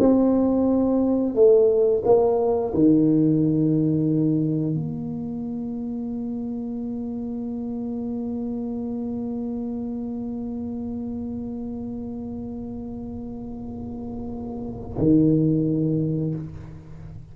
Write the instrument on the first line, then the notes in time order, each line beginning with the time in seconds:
tuba
0.00 C4
1.35 A3
2.05 A#3
2.74 D#3
4.75 A#3
14.99 D#3